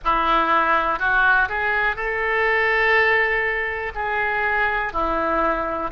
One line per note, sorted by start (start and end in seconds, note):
0.04 0.99 E4
0.99 1.48 F#4
1.48 1.96 G#4
1.96 3.93 A4
3.94 4.92 G#4
4.92 5.91 E4